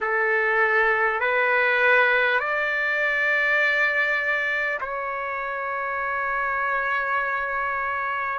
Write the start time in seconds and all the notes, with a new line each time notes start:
0.00 A4
1.20 B4
2.39 D5
4.80 C#5